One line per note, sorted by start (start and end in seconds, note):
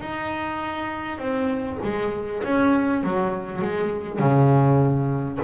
0.00 1.18 D#4
1.18 1.78 C4
1.83 2.43 G#3
2.44 3.04 C#4
3.04 3.62 F#3
3.62 4.19 G#3
4.19 5.39 C#3